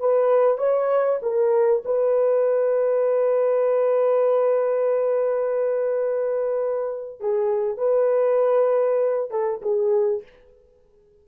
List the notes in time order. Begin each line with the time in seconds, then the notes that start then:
0.00 B4
0.58 C#5
1.22 A#4
1.86 B4
7.20 G#4
7.78 B4
9.31 A4
9.62 G#4